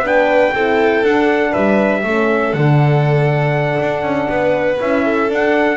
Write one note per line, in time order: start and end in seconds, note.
0.00 0.50 B3
0.00 0.54 D4
0.00 0.54 B4
0.07 1.05 G5
0.54 1.03 C4
0.54 1.05 E4
0.54 1.51 A4
1.03 1.53 D4
1.03 2.05 D4
1.03 1.54 F#5
1.51 2.04 G3
1.51 2.01 B4
1.51 2.53 E5
2.04 2.54 A3
2.04 2.55 C#4
2.04 4.30 A4
2.53 3.79 D3
2.53 4.80 D4
2.53 4.78 F#5
3.81 4.03 D4
4.03 4.28 C#4
4.29 4.79 B3
4.29 5.05 B4
4.80 5.29 C#4
4.80 5.29 E4
4.80 5.31 E5
5.05 5.77 A4
5.29 5.77 D4
5.29 5.77 F#5